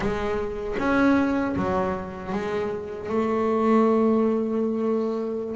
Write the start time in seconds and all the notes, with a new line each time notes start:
0.00 G#3
0.78 C#4
1.56 F#3
2.32 G#3
3.09 A3